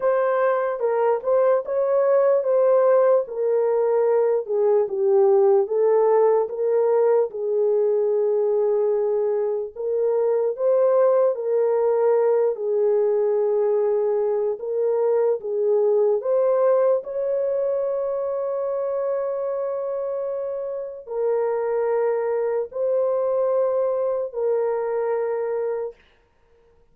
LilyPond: \new Staff \with { instrumentName = "horn" } { \time 4/4 \tempo 4 = 74 c''4 ais'8 c''8 cis''4 c''4 | ais'4. gis'8 g'4 a'4 | ais'4 gis'2. | ais'4 c''4 ais'4. gis'8~ |
gis'2 ais'4 gis'4 | c''4 cis''2.~ | cis''2 ais'2 | c''2 ais'2 | }